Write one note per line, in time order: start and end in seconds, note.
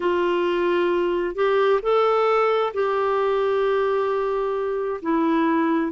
0.00 1.35 F4
1.35 1.80 G4
1.82 2.73 A4
2.73 5.00 G4
5.02 5.92 E4